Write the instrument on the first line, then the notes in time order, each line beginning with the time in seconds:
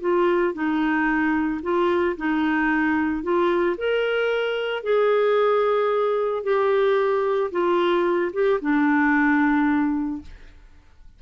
clarinet
0.00 F4
0.54 D#4
1.62 F4
2.17 D#4
3.23 F4
3.77 A#4
4.83 G#4
6.43 G4
7.51 F4
8.33 G4
8.61 D4